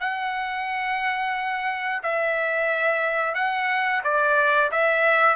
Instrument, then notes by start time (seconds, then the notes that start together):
trumpet
0.00 F#5
2.03 E5
3.35 F#5
4.04 D5
4.72 E5